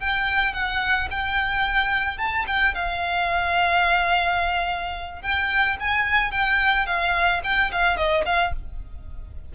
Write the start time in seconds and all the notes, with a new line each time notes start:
0.00 G5
0.54 F#5
1.11 G5
2.18 A5
2.47 G5
2.75 F5
5.22 G5
5.80 G#5
6.32 G5
6.86 F5
7.44 G5
7.72 F5
7.97 D#5
8.25 F5